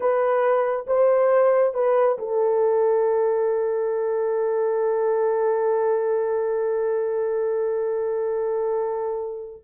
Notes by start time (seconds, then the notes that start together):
0.00 B4
0.86 C5
1.74 B4
2.18 A4